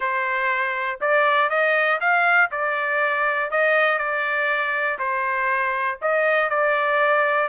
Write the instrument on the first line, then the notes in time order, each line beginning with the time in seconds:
trumpet
0.00 C5
1.00 D5
1.49 D#5
2.00 F5
2.51 D5
3.50 D#5
3.98 D5
4.99 C5
6.01 D#5
6.49 D5